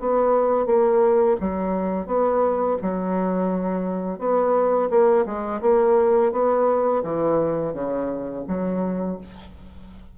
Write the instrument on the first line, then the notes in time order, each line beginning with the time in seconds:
bassoon
0.00 B3
0.66 A#3
1.41 F#3
2.07 B3
2.82 F#3
4.19 B3
4.90 A#3
5.26 G#3
5.62 A#3
6.33 B3
7.04 E3
7.74 C#3
8.48 F#3